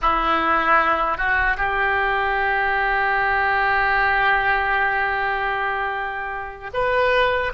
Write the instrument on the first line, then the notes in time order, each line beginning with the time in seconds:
oboe
0.01 E4
1.17 F#4
1.57 G4
6.73 B4